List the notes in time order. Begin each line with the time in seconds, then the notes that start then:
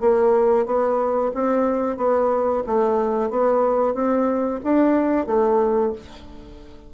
0.00 A#3
0.66 B3
1.34 C4
1.97 B3
2.66 A3
3.30 B3
3.94 C4
4.63 D4
5.27 A3